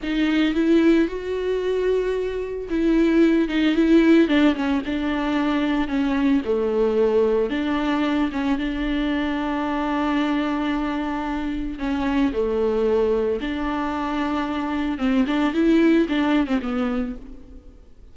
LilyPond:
\new Staff \with { instrumentName = "viola" } { \time 4/4 \tempo 4 = 112 dis'4 e'4 fis'2~ | fis'4 e'4. dis'8 e'4 | d'8 cis'8 d'2 cis'4 | a2 d'4. cis'8 |
d'1~ | d'2 cis'4 a4~ | a4 d'2. | c'8 d'8 e'4 d'8. c'16 b4 | }